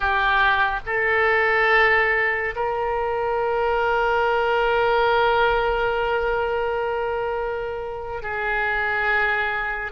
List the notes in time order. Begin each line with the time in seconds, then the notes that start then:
0.00 G4
0.86 A4
2.55 A#4
8.22 G#4